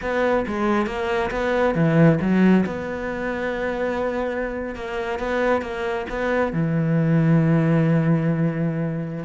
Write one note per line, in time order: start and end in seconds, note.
0.01 0.45 B3
0.47 0.86 G#3
0.86 1.30 A#3
1.30 1.74 B3
1.74 2.19 E3
2.21 2.65 F#3
2.66 4.75 B3
4.75 5.19 A#3
5.19 5.61 B3
5.61 6.06 A#3
6.09 6.52 B3
6.52 9.24 E3